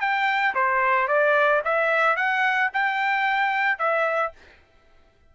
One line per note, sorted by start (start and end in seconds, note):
0.00 0.54 G5
0.54 1.08 C5
1.08 1.62 D5
1.64 2.16 E5
2.16 2.70 F#5
2.73 3.78 G5
3.78 4.32 E5